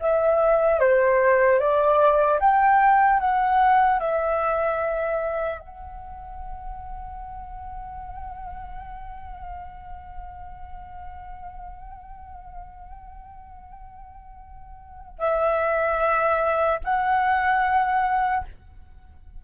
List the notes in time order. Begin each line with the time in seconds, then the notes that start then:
0.00 E5
0.80 C5
1.60 D5
2.40 G5
3.20 F#5
4.00 E5
5.60 F#5
15.19 E5
16.84 F#5